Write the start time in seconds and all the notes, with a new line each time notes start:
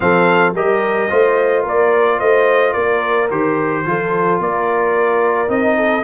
0.00 F3 C4 A4 F5
0.54 G3 G4 A#4 D#5
1.09 A3 F4 C5
1.62 A#3 A#4 D5
2.19 A3 C5 D#5
2.73 A#3 A#4 D5
3.30 D#3 G4 C5
3.85 F3 F4 A4
4.39 A#3 A#4 D5
5.47 C4 D#4 D#5
5.77 A4